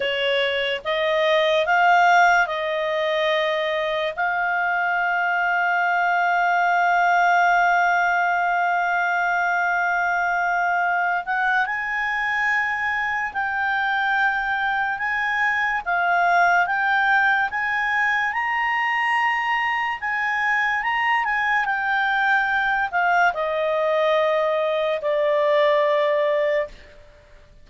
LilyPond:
\new Staff \with { instrumentName = "clarinet" } { \time 4/4 \tempo 4 = 72 cis''4 dis''4 f''4 dis''4~ | dis''4 f''2.~ | f''1~ | f''4. fis''8 gis''2 |
g''2 gis''4 f''4 | g''4 gis''4 ais''2 | gis''4 ais''8 gis''8 g''4. f''8 | dis''2 d''2 | }